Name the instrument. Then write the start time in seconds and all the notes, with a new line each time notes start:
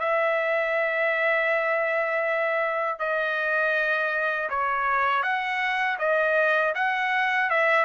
trumpet
0.00 E5
2.99 D#5
4.50 C#5
5.23 F#5
5.99 D#5
6.75 F#5
7.50 E5